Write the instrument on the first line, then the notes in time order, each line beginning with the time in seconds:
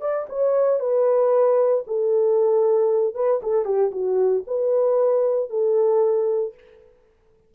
horn
0.00 D5
0.28 C#5
0.79 B4
1.86 A4
3.14 B4
3.42 A4
3.65 G4
3.91 F#4
4.46 B4
5.49 A4